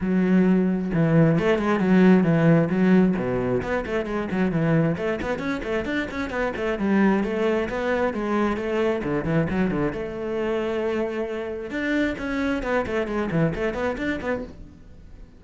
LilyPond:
\new Staff \with { instrumentName = "cello" } { \time 4/4 \tempo 4 = 133 fis2 e4 a8 gis8 | fis4 e4 fis4 b,4 | b8 a8 gis8 fis8 e4 a8 b8 | cis'8 a8 d'8 cis'8 b8 a8 g4 |
a4 b4 gis4 a4 | d8 e8 fis8 d8 a2~ | a2 d'4 cis'4 | b8 a8 gis8 e8 a8 b8 d'8 b8 | }